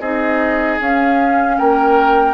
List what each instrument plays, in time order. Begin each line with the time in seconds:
0.00 bassoon C4, clarinet D#4, oboe G#4, flute D#5
0.80 bassoon C#4, clarinet C#4, flute F5
1.58 bassoon A#3, oboe A#4, flute G5